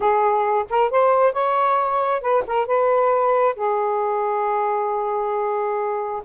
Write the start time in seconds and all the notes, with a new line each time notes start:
0.00 G#4
0.69 A#4
0.90 C5
1.32 C#5
2.21 B4
2.46 A#4
2.66 B4
3.55 G#4